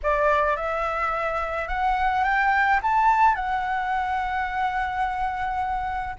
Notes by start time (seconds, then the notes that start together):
0.02 D5
0.56 E5
1.68 F#5
2.24 G5
2.82 A5
3.35 F#5